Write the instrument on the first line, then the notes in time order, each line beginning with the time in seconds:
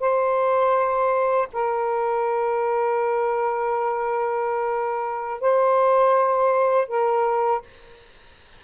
saxophone
0.00 C5
1.53 A#4
5.41 C5
6.88 A#4